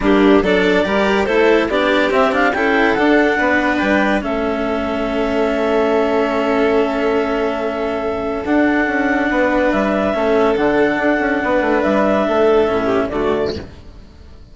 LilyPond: <<
  \new Staff \with { instrumentName = "clarinet" } { \time 4/4 \tempo 4 = 142 g'4 d''2 c''4 | d''4 e''8 f''8 g''4 fis''4~ | fis''4 g''4 e''2~ | e''1~ |
e''1 | fis''2. e''4~ | e''4 fis''2. | e''2. d''4 | }
  \new Staff \with { instrumentName = "violin" } { \time 4/4 d'4 a'4 ais'4 a'4 | g'2 a'2 | b'2 a'2~ | a'1~ |
a'1~ | a'2 b'2 | a'2. b'4~ | b'4 a'4. g'8 fis'4 | }
  \new Staff \with { instrumentName = "cello" } { \time 4/4 ais4 d'4 g'4 e'4 | d'4 c'8 d'8 e'4 d'4~ | d'2 cis'2~ | cis'1~ |
cis'1 | d'1 | cis'4 d'2.~ | d'2 cis'4 a4 | }
  \new Staff \with { instrumentName = "bassoon" } { \time 4/4 g4 fis4 g4 a4 | b4 c'4 cis'4 d'4 | b4 g4 a2~ | a1~ |
a1 | d'4 cis'4 b4 g4 | a4 d4 d'8 cis'8 b8 a8 | g4 a4 a,4 d4 | }
>>